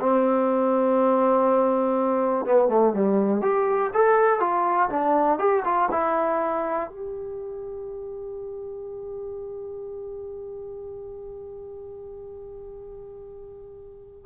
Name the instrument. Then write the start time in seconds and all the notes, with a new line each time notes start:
trombone
0.00 C4
2.45 B3
2.69 A3
2.93 G3
3.42 G4
3.94 A4
4.40 F4
4.90 D4
5.39 G4
5.65 F4
5.92 E4
6.90 G4